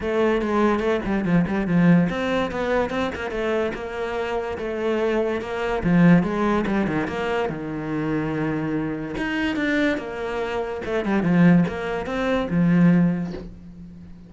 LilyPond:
\new Staff \with { instrumentName = "cello" } { \time 4/4 \tempo 4 = 144 a4 gis4 a8 g8 f8 g8 | f4 c'4 b4 c'8 ais8 | a4 ais2 a4~ | a4 ais4 f4 gis4 |
g8 dis8 ais4 dis2~ | dis2 dis'4 d'4 | ais2 a8 g8 f4 | ais4 c'4 f2 | }